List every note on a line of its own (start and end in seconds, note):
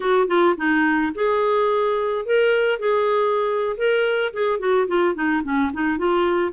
0.00 0.27 F#4
0.27 0.55 F4
0.57 1.12 D#4
1.14 2.25 G#4
2.25 2.79 A#4
2.79 3.76 G#4
3.77 4.33 A#4
4.33 4.59 G#4
4.59 4.87 F#4
4.87 5.14 F4
5.14 5.42 D#4
5.43 5.71 C#4
5.73 5.97 D#4
5.97 6.52 F4